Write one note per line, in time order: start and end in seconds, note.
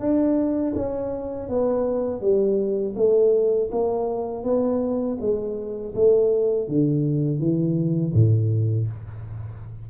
0.00 0.74 D4
0.75 1.49 C#4
1.49 2.21 B3
2.21 2.95 G3
2.96 3.70 A3
3.72 4.44 A#3
4.44 5.18 B3
5.21 5.95 G#3
5.95 6.68 A3
6.68 7.39 D3
7.39 8.13 E3
8.13 8.88 A2